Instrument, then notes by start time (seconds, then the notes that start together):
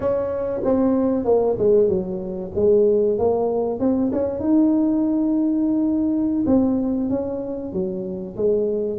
tuba
0.00 C#4
0.63 C4
1.24 A#3
1.58 G#3
1.88 F#3
2.55 G#3
3.18 A#3
3.79 C4
4.12 C#4
4.39 D#4
6.46 C4
7.09 C#4
7.72 F#3
8.36 G#3